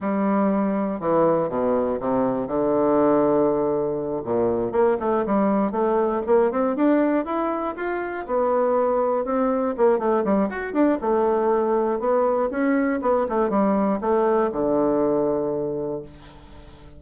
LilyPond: \new Staff \with { instrumentName = "bassoon" } { \time 4/4 \tempo 4 = 120 g2 e4 b,4 | c4 d2.~ | d8 ais,4 ais8 a8 g4 a8~ | a8 ais8 c'8 d'4 e'4 f'8~ |
f'8 b2 c'4 ais8 | a8 g8 fis'8 d'8 a2 | b4 cis'4 b8 a8 g4 | a4 d2. | }